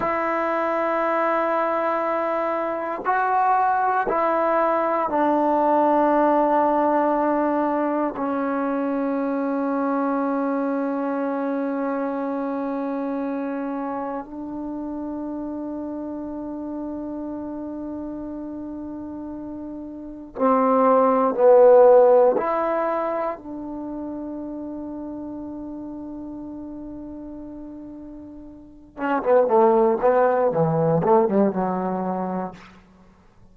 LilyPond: \new Staff \with { instrumentName = "trombone" } { \time 4/4 \tempo 4 = 59 e'2. fis'4 | e'4 d'2. | cis'1~ | cis'2 d'2~ |
d'1 | c'4 b4 e'4 d'4~ | d'1~ | d'8 cis'16 b16 a8 b8 e8 a16 g16 fis4 | }